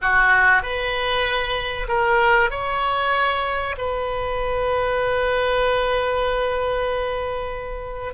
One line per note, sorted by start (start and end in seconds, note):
0.01 0.62 F#4
0.62 1.87 B4
1.88 2.50 A#4
2.50 3.75 C#5
3.77 8.14 B4